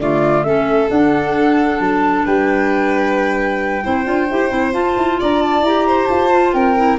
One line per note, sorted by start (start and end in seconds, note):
0.00 0.44 D3
0.00 0.46 A3
0.00 0.47 F4
0.00 0.44 D5
0.44 0.90 A3
0.44 0.89 C#4
0.44 2.26 A4
0.44 0.89 E5
0.89 3.82 D4
0.89 1.80 D4
0.89 1.81 F#5
1.80 2.25 F#3
1.80 2.26 A5
2.26 3.85 G3
2.26 3.84 B4
2.26 4.74 G5
3.84 4.07 C4
3.84 4.05 E4
3.84 5.20 C5
4.05 4.30 D4
4.05 4.27 F4
4.31 4.52 E4
4.31 4.50 G4
4.50 4.74 C4
4.50 4.73 E4
4.73 5.63 F4
4.73 4.97 F4
4.73 5.19 A5
4.98 5.20 E4
5.20 5.61 D4
5.20 5.87 D5
5.20 5.42 A#5
5.42 5.65 A5
5.61 6.06 E4
5.61 6.31 G4
5.61 6.07 A#5
5.87 6.55 C5
6.07 6.54 F4
6.07 6.52 A5
6.31 6.76 F4
6.53 6.99 C4
6.53 7.00 A#4
6.53 6.98 G5
6.76 6.99 E4